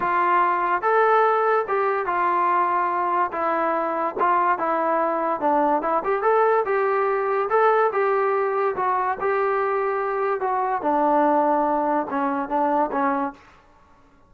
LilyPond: \new Staff \with { instrumentName = "trombone" } { \time 4/4 \tempo 4 = 144 f'2 a'2 | g'4 f'2. | e'2 f'4 e'4~ | e'4 d'4 e'8 g'8 a'4 |
g'2 a'4 g'4~ | g'4 fis'4 g'2~ | g'4 fis'4 d'2~ | d'4 cis'4 d'4 cis'4 | }